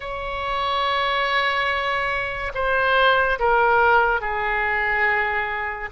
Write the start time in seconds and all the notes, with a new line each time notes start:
0.00 C#5
2.54 C5
3.39 A#4
4.20 G#4